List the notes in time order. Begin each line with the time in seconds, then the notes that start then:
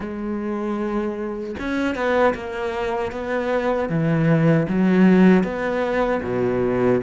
0.00 G#3
1.59 C#4
1.95 B3
2.34 A#3
3.11 B3
3.89 E3
4.68 F#3
5.43 B3
6.23 B2